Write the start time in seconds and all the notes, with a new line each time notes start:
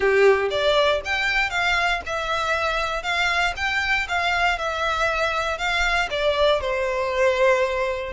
0.00 G4
0.50 D5
1.04 G5
1.50 F5
2.05 E5
3.03 F5
3.56 G5
4.08 F5
4.58 E5
5.58 F5
6.10 D5
6.60 C5